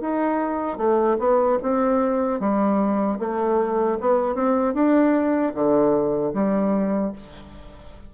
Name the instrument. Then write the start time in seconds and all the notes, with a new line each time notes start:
bassoon
0.00 D#4
0.77 A3
1.18 B3
1.62 C4
2.39 G3
3.19 A3
4.00 B3
4.34 C4
4.73 D4
5.54 D3
6.33 G3